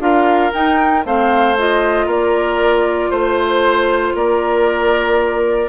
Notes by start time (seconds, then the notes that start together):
0.00 D4 F4 A#4 F5
0.53 D#4 G5
1.05 A3 C4 C5 F5
1.58 F4 D#5
2.06 A#3 A#4 D5
3.11 A3 C5
4.14 A#3 A#4 D5